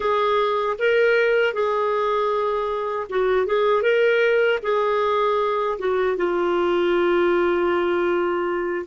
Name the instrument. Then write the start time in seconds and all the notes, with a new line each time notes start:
clarinet
0.00 G#4
0.79 A#4
1.53 G#4
3.09 F#4
3.46 G#4
3.82 A#4
4.63 G#4
5.78 F#4
6.16 F4